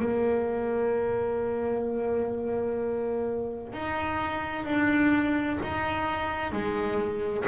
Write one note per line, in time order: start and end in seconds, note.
0.00 3.73 A#3
3.73 4.65 D#4
4.65 5.59 D4
5.63 6.52 D#4
6.52 7.46 G#3